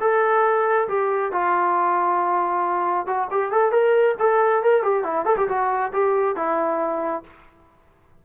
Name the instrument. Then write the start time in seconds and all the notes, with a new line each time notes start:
trombone
0.00 A4
0.88 G4
1.32 F4
3.06 F#4
3.30 G4
3.51 A4
3.71 A#4
4.19 A4
4.62 A#4
4.82 G4
5.03 E4
5.25 A4
5.36 G4
5.48 F#4
5.92 G4
6.35 E4